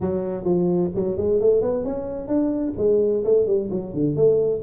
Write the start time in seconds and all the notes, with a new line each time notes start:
0.00 F#3
0.44 F3
0.95 F#3
1.17 G#3
1.40 A3
1.61 B3
1.84 C#4
2.27 D4
2.77 G#3
3.24 A3
3.46 G3
3.70 F#3
3.93 D3
4.16 A3